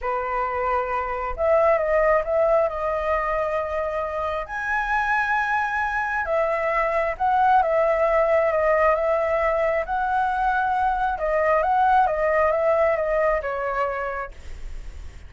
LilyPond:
\new Staff \with { instrumentName = "flute" } { \time 4/4 \tempo 4 = 134 b'2. e''4 | dis''4 e''4 dis''2~ | dis''2 gis''2~ | gis''2 e''2 |
fis''4 e''2 dis''4 | e''2 fis''2~ | fis''4 dis''4 fis''4 dis''4 | e''4 dis''4 cis''2 | }